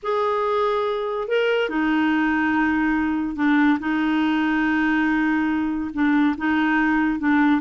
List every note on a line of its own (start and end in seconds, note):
0.02 1.28 G#4
1.28 1.69 A#4
1.69 3.36 D#4
3.36 3.78 D4
3.79 5.91 D#4
5.93 6.35 D4
6.37 7.19 D#4
7.19 7.61 D4